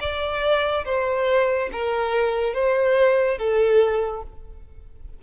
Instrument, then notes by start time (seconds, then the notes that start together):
violin
0.00 D5
0.85 C5
1.72 A#4
2.54 C5
3.38 A4